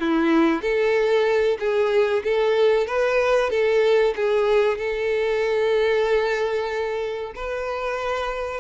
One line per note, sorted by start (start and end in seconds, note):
0.00 0.62 E4
0.62 1.58 A4
1.59 2.23 G#4
2.24 2.87 A4
2.87 3.50 B4
3.50 4.14 A4
4.16 4.78 G#4
4.78 7.33 A4
7.35 8.60 B4